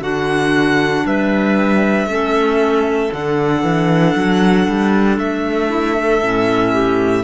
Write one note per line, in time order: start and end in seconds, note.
0.00 1.03 D3
0.00 2.09 D4
0.00 1.05 F#4
0.00 1.06 F#5
1.06 2.06 G3
1.06 2.09 B4
1.06 3.13 E5
2.06 3.09 A3
2.06 3.11 C#4
2.06 5.69 A4
3.11 3.63 D3
3.11 6.21 D4
3.11 5.19 F#5
3.63 4.15 E3
4.16 4.68 F#3
4.68 5.18 G3
5.18 6.22 A3
5.18 7.24 E5
5.69 5.95 E4
5.99 6.73 A4
6.22 7.24 A2
6.22 7.24 C#4
6.73 7.24 G4